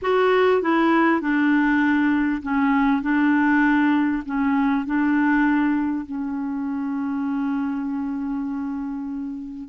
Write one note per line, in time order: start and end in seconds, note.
0.02 0.62 F#4
0.62 1.21 E4
1.21 2.42 D4
2.42 3.02 C#4
3.02 4.23 D4
4.25 4.85 C#4
4.85 6.05 D4
6.05 9.68 C#4